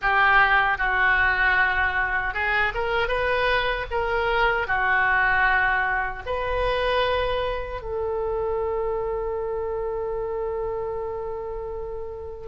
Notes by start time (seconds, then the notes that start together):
0.01 G4
0.78 F#4
2.34 G#4
2.74 A#4
3.08 B4
3.90 A#4
4.67 F#4
6.26 B4
7.81 A4